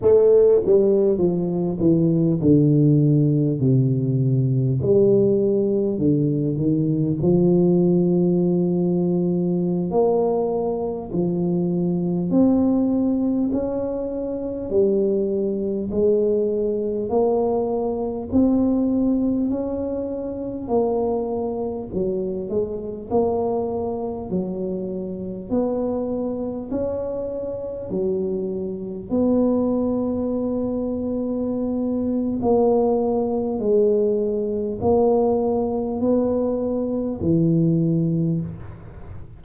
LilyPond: \new Staff \with { instrumentName = "tuba" } { \time 4/4 \tempo 4 = 50 a8 g8 f8 e8 d4 c4 | g4 d8 dis8 f2~ | f16 ais4 f4 c'4 cis'8.~ | cis'16 g4 gis4 ais4 c'8.~ |
c'16 cis'4 ais4 fis8 gis8 ais8.~ | ais16 fis4 b4 cis'4 fis8.~ | fis16 b2~ b8. ais4 | gis4 ais4 b4 e4 | }